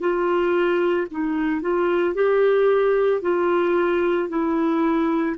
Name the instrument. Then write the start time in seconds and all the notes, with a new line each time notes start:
clarinet
0.00 F4
1.11 D#4
1.62 F4
2.15 G4
3.22 F4
4.29 E4